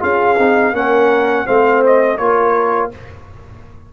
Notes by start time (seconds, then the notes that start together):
0.00 C#4 F4 G#4 F5
0.39 C4 D#4
0.73 A#3 C#4 A#4 F#5
1.46 A3 C4 C5 F5
1.86 D#5
2.18 A#3 F4 A#4 C#5